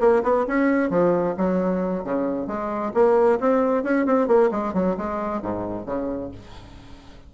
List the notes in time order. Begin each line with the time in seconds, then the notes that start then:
0.00 A#3
0.23 B3
0.47 C#4
0.90 F3
1.37 F#3
2.04 C#3
2.47 G#3
2.94 A#3
3.40 C4
3.84 C#4
4.06 C4
4.28 A#3
4.51 G#3
4.74 F#3
4.97 G#3
5.42 G#2
5.86 C#3